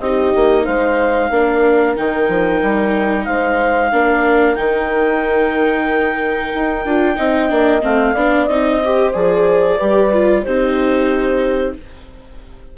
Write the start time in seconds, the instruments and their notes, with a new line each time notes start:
0.00 bassoon C4, viola D#4, horn G4, clarinet D#5
0.35 bassoon A#3
0.64 bassoon G#3, horn C5, clarinet F5
1.30 bassoon A#3, viola D4, horn A#4
1.96 bassoon D#3, viola D#4, clarinet G5
2.28 bassoon F3
2.62 bassoon G3
3.24 bassoon G#3, horn C5, clarinet F5
3.92 bassoon A#3, viola D4, horn A#4
4.55 bassoon D#3, viola D#4, clarinet G5
6.54 bassoon D#4
6.85 bassoon D4, viola F4
7.16 bassoon C4, viola D#4, horn D#5
7.48 bassoon A#3, viola D4
7.81 bassoon A3, viola C4, clarinet F5
8.14 bassoon B3, viola D4, horn D5
8.45 bassoon C4, viola D#4, clarinet D#5
8.84 viola G4, horn C5
9.13 bassoon F3, viola G#4, clarinet D5
9.77 bassoon G3, viola G4, horn B4
10.12 viola F4
10.42 bassoon C4, viola D#4, horn G4, clarinet C5